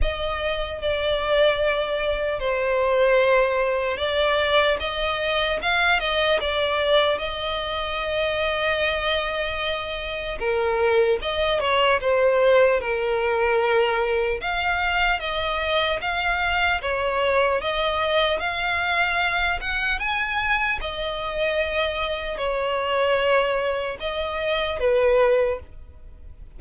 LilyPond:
\new Staff \with { instrumentName = "violin" } { \time 4/4 \tempo 4 = 75 dis''4 d''2 c''4~ | c''4 d''4 dis''4 f''8 dis''8 | d''4 dis''2.~ | dis''4 ais'4 dis''8 cis''8 c''4 |
ais'2 f''4 dis''4 | f''4 cis''4 dis''4 f''4~ | f''8 fis''8 gis''4 dis''2 | cis''2 dis''4 b'4 | }